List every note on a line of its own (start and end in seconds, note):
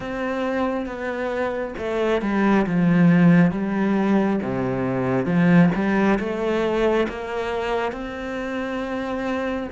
0.00 0.85 C4
0.85 1.74 B3
1.78 2.21 A3
2.21 2.66 G3
2.66 3.51 F3
3.51 4.39 G3
4.42 5.25 C3
5.25 5.70 F3
5.74 6.18 G3
6.19 7.07 A3
7.08 7.92 A#3
7.92 9.68 C4